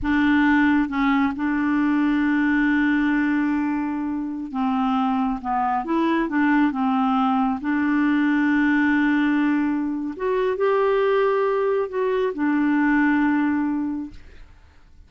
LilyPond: \new Staff \with { instrumentName = "clarinet" } { \time 4/4 \tempo 4 = 136 d'2 cis'4 d'4~ | d'1~ | d'2~ d'16 c'4.~ c'16~ | c'16 b4 e'4 d'4 c'8.~ |
c'4~ c'16 d'2~ d'8.~ | d'2. fis'4 | g'2. fis'4 | d'1 | }